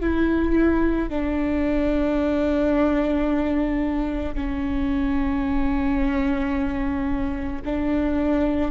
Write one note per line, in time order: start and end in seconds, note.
0.00 1.09 E4
1.09 4.35 D4
4.35 7.62 C#4
7.65 8.71 D4